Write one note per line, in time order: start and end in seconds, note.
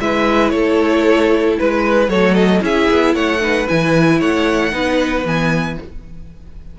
0.00 0.52 G#3
0.00 2.10 E4
0.00 0.54 B4
0.00 0.50 E5
0.50 1.58 A3
0.50 1.59 A4
0.50 1.55 C#5
1.59 2.08 G#3
1.59 2.10 B4
2.08 2.61 F#3
2.08 2.60 A3
2.08 2.63 A4
2.08 2.34 C#5
2.34 2.61 D#5
2.60 2.88 C#4
2.60 3.39 E4
2.60 3.15 G#4
2.60 3.15 E5
2.90 3.15 B3
3.15 3.68 A3
3.15 3.41 C#5
3.15 3.68 F#5
3.40 3.67 D#4
3.40 4.19 B4
3.68 4.21 E3
3.68 4.71 E4
3.68 4.21 G#5
4.19 4.72 A3
4.19 4.72 C#5
4.19 5.26 F#5
4.71 5.25 B3
4.71 5.23 D#4
4.71 5.79 B4
5.25 5.78 E3
5.25 5.78 B3
5.25 5.79 G#5